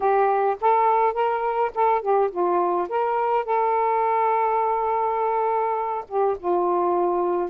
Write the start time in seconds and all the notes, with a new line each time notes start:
0.00 G4
0.61 A4
1.13 A#4
1.75 A4
2.01 G4
2.31 F4
2.88 A#4
3.45 A4
6.07 G4
6.38 F4